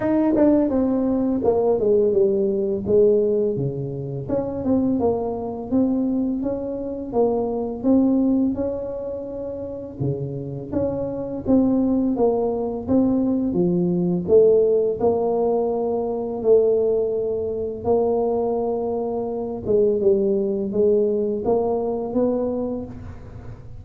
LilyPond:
\new Staff \with { instrumentName = "tuba" } { \time 4/4 \tempo 4 = 84 dis'8 d'8 c'4 ais8 gis8 g4 | gis4 cis4 cis'8 c'8 ais4 | c'4 cis'4 ais4 c'4 | cis'2 cis4 cis'4 |
c'4 ais4 c'4 f4 | a4 ais2 a4~ | a4 ais2~ ais8 gis8 | g4 gis4 ais4 b4 | }